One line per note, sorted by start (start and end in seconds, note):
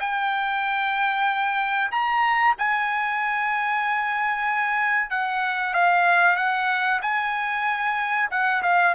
0.00 1.91 G5
1.92 2.56 A#5
2.59 5.11 G#5
5.11 5.74 F#5
5.74 6.37 F5
6.37 7.01 F#5
7.02 8.30 G#5
8.31 8.63 F#5
8.63 8.95 F5